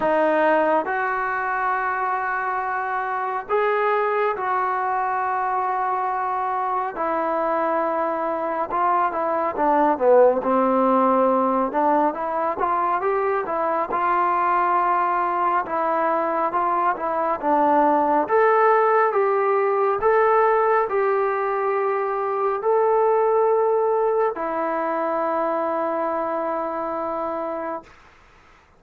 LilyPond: \new Staff \with { instrumentName = "trombone" } { \time 4/4 \tempo 4 = 69 dis'4 fis'2. | gis'4 fis'2. | e'2 f'8 e'8 d'8 b8 | c'4. d'8 e'8 f'8 g'8 e'8 |
f'2 e'4 f'8 e'8 | d'4 a'4 g'4 a'4 | g'2 a'2 | e'1 | }